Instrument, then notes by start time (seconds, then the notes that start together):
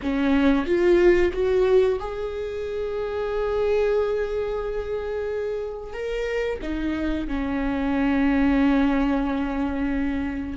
viola
0.02 C#4
0.66 F4
1.32 F#4
1.99 G#4
5.93 A#4
6.61 D#4
7.27 C#4